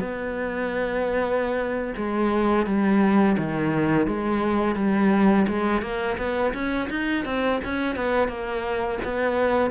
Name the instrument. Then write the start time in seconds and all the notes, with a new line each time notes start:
cello
0.00 B3
1.97 G#3
2.66 G3
3.38 D#3
4.07 G#3
4.76 G3
5.48 G#3
5.82 A#3
6.18 B3
6.54 C#4
6.90 D#4
7.25 C4
7.65 C#4
7.96 B3
8.29 A#3
9.04 B3